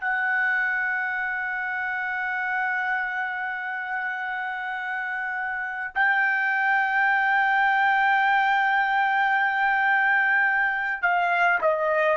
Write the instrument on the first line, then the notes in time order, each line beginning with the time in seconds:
trumpet
0.00 F#5
5.95 G5
11.02 F5
11.61 D#5